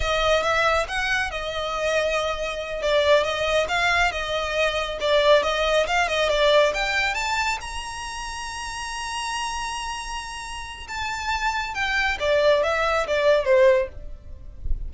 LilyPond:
\new Staff \with { instrumentName = "violin" } { \time 4/4 \tempo 4 = 138 dis''4 e''4 fis''4 dis''4~ | dis''2~ dis''8 d''4 dis''8~ | dis''8 f''4 dis''2 d''8~ | d''8 dis''4 f''8 dis''8 d''4 g''8~ |
g''8 a''4 ais''2~ ais''8~ | ais''1~ | ais''4 a''2 g''4 | d''4 e''4 d''4 c''4 | }